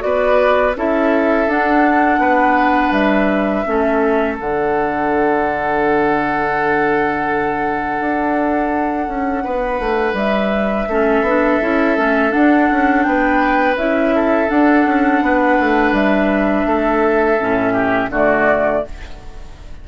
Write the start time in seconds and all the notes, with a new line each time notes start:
0.00 B3 F#4 B4 D5
0.75 C#4 E4 A4 E5
1.47 D4 F#5
2.18 B3 B4
2.91 G3 E5
3.66 A3 C#4 A4
4.38 D3 D4 F#5
8.00 D4
9.08 C#4
9.44 B3 B4
9.80 A3
10.13 G3 E5
10.88 A3 C#4 A4
11.21 B3 D4
11.61 C#4 E4
11.97 A3 C#4
12.30 D4 F#5
12.70 C#4
13.02 B3 B4 G5
13.76 C#4 E4 E5
14.15 A4
14.48 D4 F#5
14.86 C#4
15.22 B3 B4
15.60 A3
15.92 G3 E5
16.66 A3 A4
17.39 A2 C#4
17.73 G4
18.09 D3 A3 F#4 D5